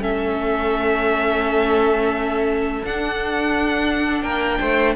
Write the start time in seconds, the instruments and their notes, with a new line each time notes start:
0.00 cello A3, viola C#4, violin A4 E5
2.84 cello D4, viola D4, violin F#5
4.22 cello A#3, violin A#4 G5
4.60 cello A3, violin C5